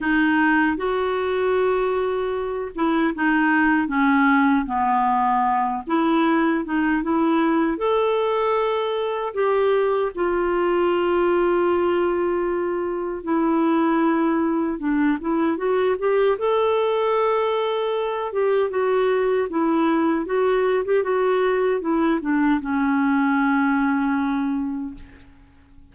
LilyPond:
\new Staff \with { instrumentName = "clarinet" } { \time 4/4 \tempo 4 = 77 dis'4 fis'2~ fis'8 e'8 | dis'4 cis'4 b4. e'8~ | e'8 dis'8 e'4 a'2 | g'4 f'2.~ |
f'4 e'2 d'8 e'8 | fis'8 g'8 a'2~ a'8 g'8 | fis'4 e'4 fis'8. g'16 fis'4 | e'8 d'8 cis'2. | }